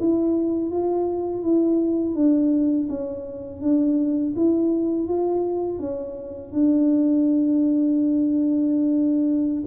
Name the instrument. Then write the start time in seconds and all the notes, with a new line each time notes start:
tuba
0.00 E4
0.71 F4
1.43 E4
2.15 D4
2.89 C#4
3.61 D4
4.36 E4
5.08 F4
5.79 C#4
6.53 D4